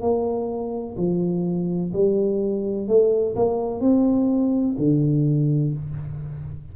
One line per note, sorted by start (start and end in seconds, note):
0.00 0.95 A#3
0.97 1.92 F3
1.92 2.87 G3
2.87 3.35 A3
3.35 3.80 A#3
3.80 4.75 C4
4.77 5.73 D3